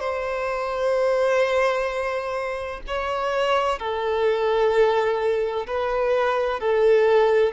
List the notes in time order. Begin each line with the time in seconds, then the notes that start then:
0.00 C5
2.88 C#5
3.79 A4
5.67 B4
6.61 A4